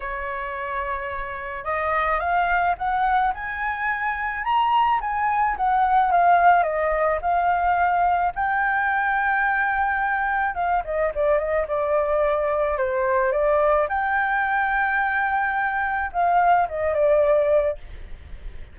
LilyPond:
\new Staff \with { instrumentName = "flute" } { \time 4/4 \tempo 4 = 108 cis''2. dis''4 | f''4 fis''4 gis''2 | ais''4 gis''4 fis''4 f''4 | dis''4 f''2 g''4~ |
g''2. f''8 dis''8 | d''8 dis''8 d''2 c''4 | d''4 g''2.~ | g''4 f''4 dis''8 d''4. | }